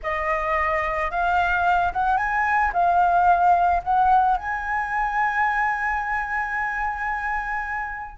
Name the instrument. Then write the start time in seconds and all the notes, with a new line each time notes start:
flute
0.02 D#5
1.10 F5
1.92 F#5
2.17 G#5
2.73 F5
3.83 F#5
4.37 G#5